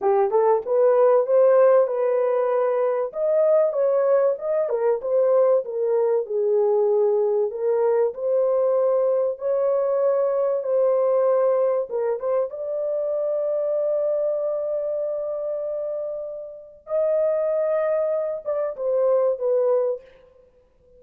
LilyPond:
\new Staff \with { instrumentName = "horn" } { \time 4/4 \tempo 4 = 96 g'8 a'8 b'4 c''4 b'4~ | b'4 dis''4 cis''4 dis''8 ais'8 | c''4 ais'4 gis'2 | ais'4 c''2 cis''4~ |
cis''4 c''2 ais'8 c''8 | d''1~ | d''2. dis''4~ | dis''4. d''8 c''4 b'4 | }